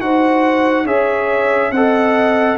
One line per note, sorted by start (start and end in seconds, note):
0.00 0.85 D#4
0.00 0.86 F#4
0.00 0.85 C5
0.00 0.86 F#5
0.85 1.71 C#4
0.85 1.72 G#4
0.85 1.71 C#5
0.85 1.72 E5
1.71 2.57 C4
1.71 2.58 A4
1.71 2.58 D#5
1.71 2.57 F#5